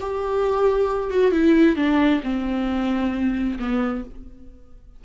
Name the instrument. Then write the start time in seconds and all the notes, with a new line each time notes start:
viola
0.00 G4
1.10 F#4
1.31 E4
1.76 D4
2.23 C4
3.59 B3